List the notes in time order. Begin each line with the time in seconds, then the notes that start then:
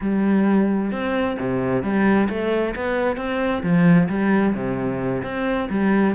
0.00 G3
0.91 C4
1.39 C3
1.82 G3
2.29 A3
2.75 B3
3.17 C4
3.62 F3
4.08 G3
4.54 C3
5.23 C4
5.69 G3